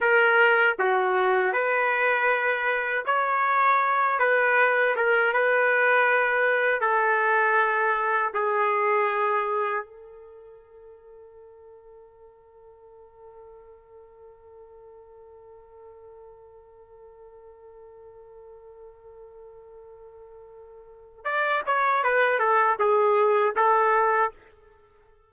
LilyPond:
\new Staff \with { instrumentName = "trumpet" } { \time 4/4 \tempo 4 = 79 ais'4 fis'4 b'2 | cis''4. b'4 ais'8 b'4~ | b'4 a'2 gis'4~ | gis'4 a'2.~ |
a'1~ | a'1~ | a'1 | d''8 cis''8 b'8 a'8 gis'4 a'4 | }